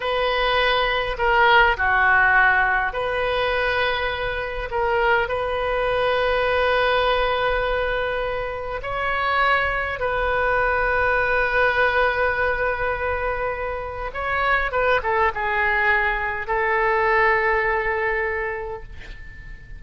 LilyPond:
\new Staff \with { instrumentName = "oboe" } { \time 4/4 \tempo 4 = 102 b'2 ais'4 fis'4~ | fis'4 b'2. | ais'4 b'2.~ | b'2. cis''4~ |
cis''4 b'2.~ | b'1 | cis''4 b'8 a'8 gis'2 | a'1 | }